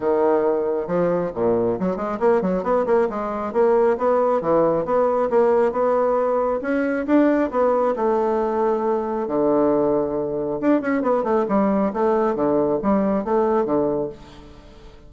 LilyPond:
\new Staff \with { instrumentName = "bassoon" } { \time 4/4 \tempo 4 = 136 dis2 f4 ais,4 | fis8 gis8 ais8 fis8 b8 ais8 gis4 | ais4 b4 e4 b4 | ais4 b2 cis'4 |
d'4 b4 a2~ | a4 d2. | d'8 cis'8 b8 a8 g4 a4 | d4 g4 a4 d4 | }